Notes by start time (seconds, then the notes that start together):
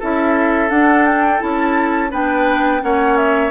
0.00 C#4 E4 A4 E5
0.69 D4 F#5
1.06 G5
1.39 C#4 E4 A5
2.11 B3 D4 B4 G5
2.81 A#3 C#4 C#5 F#5
3.17 E5